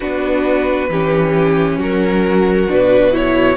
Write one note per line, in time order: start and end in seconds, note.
0.00 0.89 B3
0.00 0.90 D4
0.00 0.90 F#4
0.00 1.79 B4
0.89 1.77 E3
0.89 2.68 C#4
0.89 1.79 G4
1.77 2.67 F#3
1.77 3.56 F#4
1.77 2.71 A#4
2.68 3.56 B2
2.68 3.11 D4
2.68 3.15 B4
3.11 3.56 E4
3.11 3.56 C#5